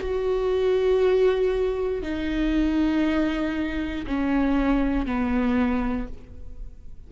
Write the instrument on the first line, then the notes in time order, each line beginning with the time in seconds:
viola
0.00 F#4
2.02 D#4
4.06 C#4
5.05 B3